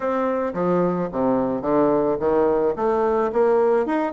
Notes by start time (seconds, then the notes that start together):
0.00 C4
0.53 F3
1.12 C3
1.61 D3
2.19 D#3
2.76 A3
3.32 A#3
3.85 D#4